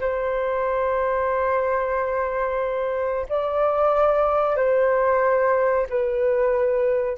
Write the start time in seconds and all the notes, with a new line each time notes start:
0.00 C5
3.29 D5
4.56 C5
5.89 B4